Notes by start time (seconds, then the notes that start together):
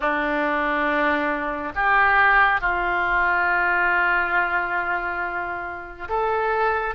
0.00 D4
1.75 G4
2.60 F4
6.09 A4